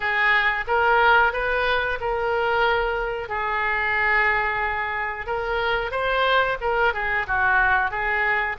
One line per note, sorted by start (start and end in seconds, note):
0.00 0.64 G#4
0.67 1.32 A#4
1.32 1.98 B4
2.00 3.28 A#4
3.28 5.26 G#4
5.26 5.91 A#4
5.91 6.57 C5
6.61 6.93 A#4
6.93 7.26 G#4
7.27 7.90 F#4
7.90 8.56 G#4